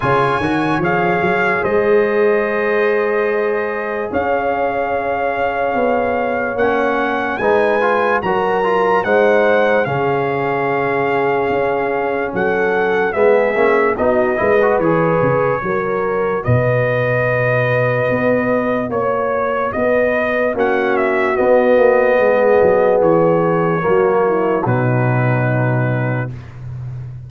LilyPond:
<<
  \new Staff \with { instrumentName = "trumpet" } { \time 4/4 \tempo 4 = 73 gis''4 f''4 dis''2~ | dis''4 f''2. | fis''4 gis''4 ais''4 fis''4 | f''2. fis''4 |
e''4 dis''4 cis''2 | dis''2. cis''4 | dis''4 fis''8 e''8 dis''2 | cis''2 b'2 | }
  \new Staff \with { instrumentName = "horn" } { \time 4/4 cis''2 c''2~ | c''4 cis''2.~ | cis''4 b'4 ais'4 c''4 | gis'2. a'4 |
gis'4 fis'8 b'4. ais'4 | b'2. cis''4 | b'4 fis'2 gis'4~ | gis'4 fis'8 e'8 dis'2 | }
  \new Staff \with { instrumentName = "trombone" } { \time 4/4 f'8 fis'8 gis'2.~ | gis'1 | cis'4 dis'8 f'8 fis'8 f'8 dis'4 | cis'1 |
b8 cis'8 dis'8 e'16 fis'16 gis'4 fis'4~ | fis'1~ | fis'4 cis'4 b2~ | b4 ais4 fis2 | }
  \new Staff \with { instrumentName = "tuba" } { \time 4/4 cis8 dis8 f8 fis8 gis2~ | gis4 cis'2 b4 | ais4 gis4 fis4 gis4 | cis2 cis'4 fis4 |
gis8 ais8 b8 gis8 e8 cis8 fis4 | b,2 b4 ais4 | b4 ais4 b8 ais8 gis8 fis8 | e4 fis4 b,2 | }
>>